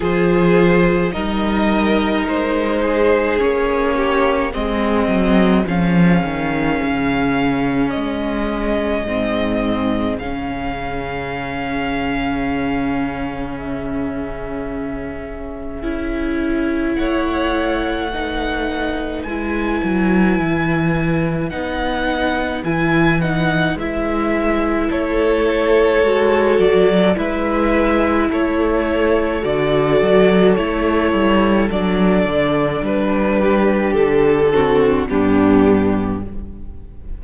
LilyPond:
<<
  \new Staff \with { instrumentName = "violin" } { \time 4/4 \tempo 4 = 53 c''4 dis''4 c''4 cis''4 | dis''4 f''2 dis''4~ | dis''4 f''2. | e''2. fis''4~ |
fis''4 gis''2 fis''4 | gis''8 fis''8 e''4 cis''4. d''8 | e''4 cis''4 d''4 cis''4 | d''4 b'4 a'4 g'4 | }
  \new Staff \with { instrumentName = "violin" } { \time 4/4 gis'4 ais'4. gis'4 g'8 | gis'1~ | gis'1~ | gis'2. cis''4 |
b'1~ | b'2 a'2 | b'4 a'2.~ | a'4. g'4 fis'8 d'4 | }
  \new Staff \with { instrumentName = "viola" } { \time 4/4 f'4 dis'2 cis'4 | c'4 cis'2. | c'4 cis'2.~ | cis'2 e'2 |
dis'4 e'2 dis'4 | e'8 dis'8 e'2 fis'4 | e'2 fis'4 e'4 | d'2~ d'8 c'8 b4 | }
  \new Staff \with { instrumentName = "cello" } { \time 4/4 f4 g4 gis4 ais4 | gis8 fis8 f8 dis8 cis4 gis4 | gis,4 cis2.~ | cis2 cis'4 a4~ |
a4 gis8 fis8 e4 b4 | e4 gis4 a4 gis8 fis8 | gis4 a4 d8 fis8 a8 g8 | fis8 d8 g4 d4 g,4 | }
>>